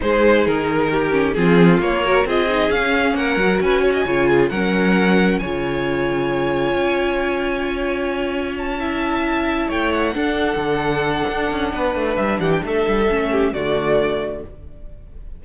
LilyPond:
<<
  \new Staff \with { instrumentName = "violin" } { \time 4/4 \tempo 4 = 133 c''4 ais'2 gis'4 | cis''4 dis''4 f''4 fis''4 | gis''2 fis''2 | gis''1~ |
gis''2. a''4~ | a''4. g''8 fis''2~ | fis''2. e''8 fis''16 g''16 | e''2 d''2 | }
  \new Staff \with { instrumentName = "violin" } { \time 4/4 gis'2 g'4 f'4~ | f'8 ais'8 gis'2 ais'4 | b'8 cis''16 dis''16 cis''8 gis'8 ais'2 | cis''1~ |
cis''2.~ cis''8 e''8~ | e''4. cis''4 a'4.~ | a'2 b'4. g'8 | a'4. g'8 fis'2 | }
  \new Staff \with { instrumentName = "viola" } { \time 4/4 dis'2~ dis'8 cis'8 c'4 | ais8 fis'8 f'8 dis'8 cis'4. fis'8~ | fis'4 f'4 cis'2 | f'1~ |
f'2.~ f'8 e'8~ | e'2~ e'8 d'4.~ | d'1~ | d'4 cis'4 a2 | }
  \new Staff \with { instrumentName = "cello" } { \time 4/4 gis4 dis2 f4 | ais4 c'4 cis'4 ais8 fis8 | cis'4 cis4 fis2 | cis2. cis'4~ |
cis'1~ | cis'4. a4 d'4 d8~ | d4 d'8 cis'8 b8 a8 g8 e8 | a8 g8 a4 d2 | }
>>